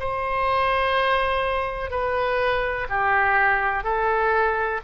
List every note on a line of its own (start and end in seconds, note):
0.00 1.91 C5
1.91 2.88 B4
2.90 3.84 G4
3.84 4.81 A4